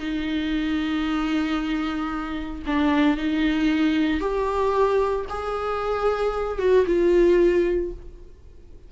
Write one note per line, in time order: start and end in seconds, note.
0.00 2.63 D#4
2.67 3.17 D4
3.17 4.21 D#4
4.21 5.26 G4
5.30 6.59 G#4
6.59 6.86 F#4
6.87 7.92 F4